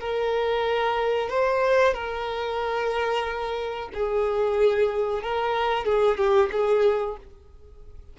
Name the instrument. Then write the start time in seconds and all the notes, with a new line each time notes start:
violin
0.00 A#4
1.30 C5
1.94 A#4
3.94 G#4
5.22 A#4
5.85 G#4
6.17 G4
6.52 G#4